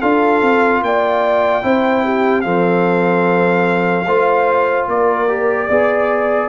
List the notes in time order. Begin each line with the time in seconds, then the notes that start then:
0.00 D4 F4 A4 F5
0.42 C4
0.82 A#3 D5 G5
1.62 C4 E4 C5
2.04 G4
2.41 F3 C4 A4 F5
4.06 A3 F4 C5
4.87 A#3 A#4 D5
5.28 G4
5.68 B3 G#4 D5